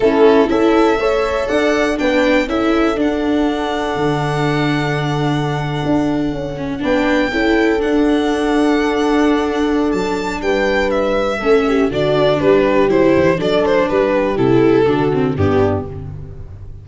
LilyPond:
<<
  \new Staff \with { instrumentName = "violin" } { \time 4/4 \tempo 4 = 121 a'4 e''2 fis''4 | g''4 e''4 fis''2~ | fis''1~ | fis''4.~ fis''16 g''2 fis''16~ |
fis''1 | a''4 g''4 e''2 | d''4 b'4 c''4 d''8 c''8 | b'4 a'2 g'4 | }
  \new Staff \with { instrumentName = "horn" } { \time 4/4 e'4 a'4 cis''4 d''4 | b'4 a'2.~ | a'1~ | a'4.~ a'16 b'4 a'4~ a'16~ |
a'1~ | a'4 b'2 a'8 g'8 | fis'4 g'2 a'4 | g'2 fis'4 d'4 | }
  \new Staff \with { instrumentName = "viola" } { \time 4/4 cis'4 e'4 a'2 | d'4 e'4 d'2~ | d'1~ | d'4~ d'16 cis'8 d'4 e'4 d'16~ |
d'1~ | d'2. cis'4 | d'2 e'4 d'4~ | d'4 e'4 d'8 c'8 b4 | }
  \new Staff \with { instrumentName = "tuba" } { \time 4/4 a4 cis'4 a4 d'4 | b4 cis'4 d'2 | d2.~ d8. d'16~ | d'8. cis'4 b4 cis'4 d'16~ |
d'1 | fis4 g2 a4 | d4 g4 fis8 e8 fis4 | g4 c4 d4 g,4 | }
>>